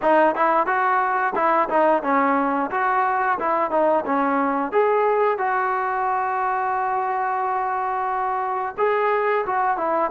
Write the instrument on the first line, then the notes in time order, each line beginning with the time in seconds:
trombone
0.02 D#4
0.35 E4
0.66 F#4
1.35 E4
1.69 D#4
2.02 C#4
2.71 F#4
3.39 E4
3.70 D#4
4.05 C#4
4.72 G#4
5.38 F#4
8.77 G#4
9.46 F#4
9.77 E4